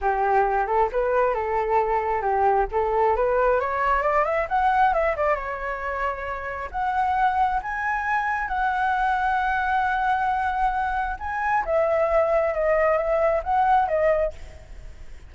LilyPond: \new Staff \with { instrumentName = "flute" } { \time 4/4 \tempo 4 = 134 g'4. a'8 b'4 a'4~ | a'4 g'4 a'4 b'4 | cis''4 d''8 e''8 fis''4 e''8 d''8 | cis''2. fis''4~ |
fis''4 gis''2 fis''4~ | fis''1~ | fis''4 gis''4 e''2 | dis''4 e''4 fis''4 dis''4 | }